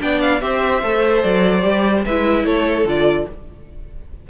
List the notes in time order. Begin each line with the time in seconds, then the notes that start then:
0.00 B3 D4 D5 G5
0.21 F5
0.41 C4 G4 C5 E5
0.83 A3 A4
1.23 F#3 D5
1.62 G3 G4
2.05 G#3 E4 B4 E5
2.44 A3 A4 C#5
2.85 D3 F4 D5